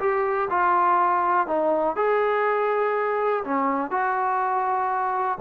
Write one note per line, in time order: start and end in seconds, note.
0.00 0.49 G4
0.51 1.48 F4
1.48 1.96 D#4
1.96 3.44 G#4
3.45 3.91 C#4
3.91 5.39 F#4